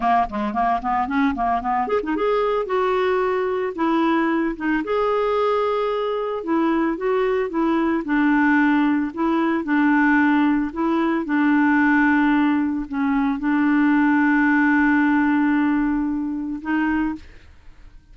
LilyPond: \new Staff \with { instrumentName = "clarinet" } { \time 4/4 \tempo 4 = 112 ais8 gis8 ais8 b8 cis'8 ais8 b8 gis'16 dis'16 | gis'4 fis'2 e'4~ | e'8 dis'8 gis'2. | e'4 fis'4 e'4 d'4~ |
d'4 e'4 d'2 | e'4 d'2. | cis'4 d'2.~ | d'2. dis'4 | }